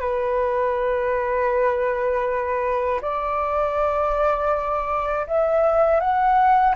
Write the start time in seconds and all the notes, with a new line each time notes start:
0.00 B4
3.01 D5
5.26 E5
6.00 F#5